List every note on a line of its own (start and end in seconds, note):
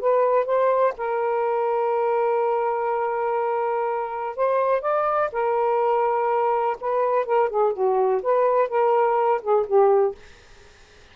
0.00 0.46 B4
0.46 0.94 C5
0.98 4.37 A#4
4.37 4.82 C5
4.82 5.30 D5
5.32 6.77 A#4
6.81 7.26 B4
7.26 7.50 A#4
7.50 7.73 G#4
7.73 8.21 F#4
8.23 8.69 B4
8.69 9.42 A#4
9.42 9.66 G#4
9.67 10.15 G4